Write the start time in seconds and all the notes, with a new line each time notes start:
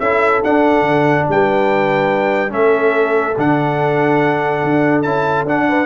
0.00 C#4 E4 A4 E5
0.44 D4 F#5
0.82 D3
1.29 G3 B4 G5
2.50 A3 C#4 A4 E5
3.38 D3 D4 F#5
4.64 D4
5.03 C#4 E4 A5
5.45 D4 F#5
5.69 B4